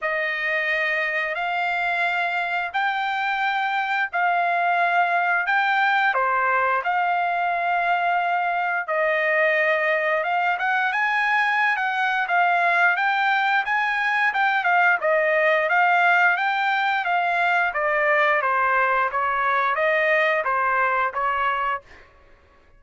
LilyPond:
\new Staff \with { instrumentName = "trumpet" } { \time 4/4 \tempo 4 = 88 dis''2 f''2 | g''2 f''2 | g''4 c''4 f''2~ | f''4 dis''2 f''8 fis''8 |
gis''4~ gis''16 fis''8. f''4 g''4 | gis''4 g''8 f''8 dis''4 f''4 | g''4 f''4 d''4 c''4 | cis''4 dis''4 c''4 cis''4 | }